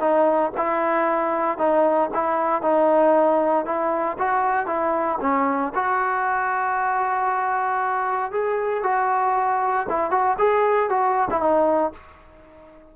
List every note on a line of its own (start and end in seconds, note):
0.00 0.52 D#4
0.57 1.58 E4
1.58 2.10 D#4
2.14 2.62 E4
2.62 3.66 D#4
3.66 4.17 E4
4.19 4.67 F#4
4.67 5.18 E4
5.21 5.73 C#4
5.75 8.32 F#4
8.32 8.83 G#4
8.83 9.87 F#4
9.89 10.11 E4
10.11 10.37 F#4
10.38 10.89 G#4
10.89 11.28 F#4
11.30 11.41 E4
11.41 11.92 D#4